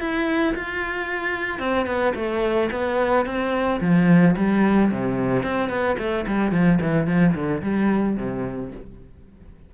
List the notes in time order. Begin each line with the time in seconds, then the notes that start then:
0.00 E4
0.55 F4
1.59 C4
1.86 B3
2.15 A3
2.71 B3
3.26 C4
3.81 F3
4.36 G3
4.91 C3
5.43 C4
5.69 B3
5.98 A3
6.27 G3
6.52 F3
6.81 E3
7.07 F3
7.34 D3
7.62 G3
8.17 C3